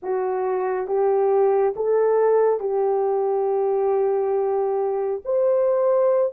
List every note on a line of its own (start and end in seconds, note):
0.02 0.87 F#4
0.87 1.74 G4
1.75 2.60 A4
2.60 5.21 G4
5.24 6.32 C5